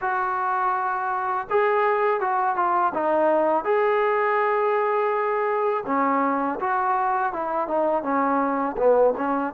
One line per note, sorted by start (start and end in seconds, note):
0.01 1.47 F#4
1.50 2.20 G#4
2.20 2.56 F#4
2.56 2.92 F4
2.94 3.64 D#4
3.64 5.84 G#4
5.86 6.59 C#4
6.60 7.32 F#4
7.32 7.67 E4
7.67 8.03 D#4
8.03 8.76 C#4
8.77 9.14 B3
9.17 9.53 C#4